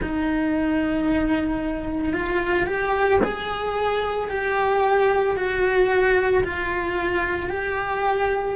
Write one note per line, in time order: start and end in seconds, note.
0.01 2.13 D#4
2.13 2.66 F4
2.66 3.19 G4
3.23 4.29 G#4
4.29 5.36 G4
5.36 6.43 F#4
6.44 7.50 F4
7.50 8.55 G4